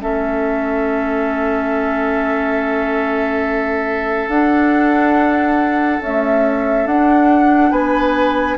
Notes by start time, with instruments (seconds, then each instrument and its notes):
0.00 bassoon A3, clarinet C#4, oboe A4, flute E5
4.28 bassoon D4, clarinet D4, flute F#5
6.01 clarinet A3, bassoon C#4, flute E5
6.86 bassoon D4, clarinet D4, flute F#5
7.71 bassoon B3, oboe B4, flute G#5